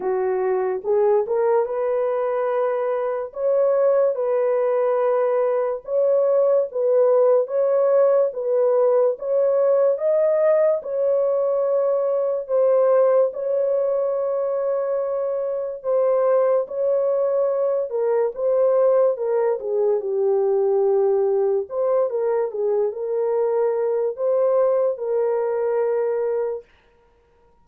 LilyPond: \new Staff \with { instrumentName = "horn" } { \time 4/4 \tempo 4 = 72 fis'4 gis'8 ais'8 b'2 | cis''4 b'2 cis''4 | b'4 cis''4 b'4 cis''4 | dis''4 cis''2 c''4 |
cis''2. c''4 | cis''4. ais'8 c''4 ais'8 gis'8 | g'2 c''8 ais'8 gis'8 ais'8~ | ais'4 c''4 ais'2 | }